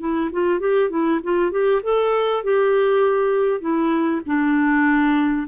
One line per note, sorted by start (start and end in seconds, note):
0.00 0.30 E4
0.33 0.60 F4
0.60 0.90 G4
0.90 1.21 E4
1.24 1.52 F4
1.52 1.82 G4
1.83 2.44 A4
2.44 3.61 G4
3.61 4.21 E4
4.27 5.48 D4